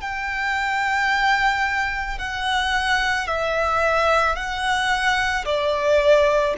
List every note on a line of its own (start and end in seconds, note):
0.00 2.18 G5
2.18 3.27 F#5
3.27 4.35 E5
4.35 5.44 F#5
5.45 6.54 D5